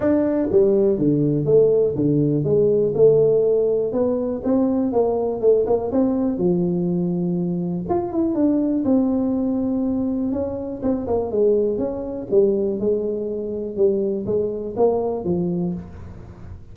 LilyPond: \new Staff \with { instrumentName = "tuba" } { \time 4/4 \tempo 4 = 122 d'4 g4 d4 a4 | d4 gis4 a2 | b4 c'4 ais4 a8 ais8 | c'4 f2. |
f'8 e'8 d'4 c'2~ | c'4 cis'4 c'8 ais8 gis4 | cis'4 g4 gis2 | g4 gis4 ais4 f4 | }